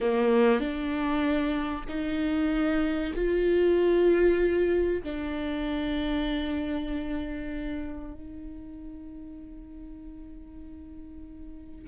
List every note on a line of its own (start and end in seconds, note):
0.00 0.59 A#3
0.59 1.84 D4
1.88 3.13 D#4
3.15 5.03 F4
5.03 8.14 D4
8.14 11.88 D#4